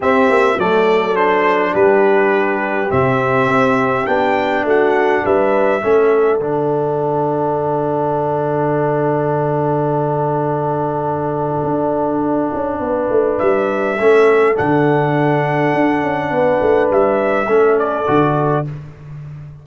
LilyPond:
<<
  \new Staff \with { instrumentName = "trumpet" } { \time 4/4 \tempo 4 = 103 e''4 d''4 c''4 b'4~ | b'4 e''2 g''4 | fis''4 e''2 fis''4~ | fis''1~ |
fis''1~ | fis''2. e''4~ | e''4 fis''2.~ | fis''4 e''4. d''4. | }
  \new Staff \with { instrumentName = "horn" } { \time 4/4 g'4 a'2 g'4~ | g'1 | fis'4 b'4 a'2~ | a'1~ |
a'1~ | a'2 b'2 | a'1 | b'2 a'2 | }
  \new Staff \with { instrumentName = "trombone" } { \time 4/4 c'4 a4 d'2~ | d'4 c'2 d'4~ | d'2 cis'4 d'4~ | d'1~ |
d'1~ | d'1 | cis'4 d'2.~ | d'2 cis'4 fis'4 | }
  \new Staff \with { instrumentName = "tuba" } { \time 4/4 c'8 ais8 fis2 g4~ | g4 c4 c'4 b4 | a4 g4 a4 d4~ | d1~ |
d1 | d'4. cis'8 b8 a8 g4 | a4 d2 d'8 cis'8 | b8 a8 g4 a4 d4 | }
>>